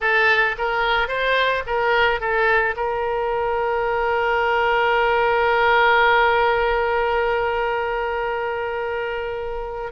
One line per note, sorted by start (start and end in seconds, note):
0.01 0.56 A4
0.58 1.08 A#4
1.08 1.63 C5
1.66 2.20 A#4
2.20 2.75 A4
2.76 9.92 A#4